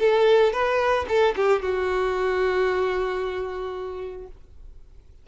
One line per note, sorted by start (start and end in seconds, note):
0.00 0.53 A4
0.53 1.06 B4
1.09 1.35 A4
1.36 1.62 G4
1.62 4.28 F#4